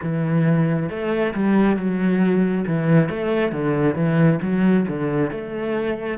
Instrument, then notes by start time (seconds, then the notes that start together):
cello
0.02 E3
0.89 A3
1.34 G3
1.76 F#3
2.67 E3
3.09 A3
3.51 D3
3.95 E3
4.42 F#3
4.88 D3
5.30 A3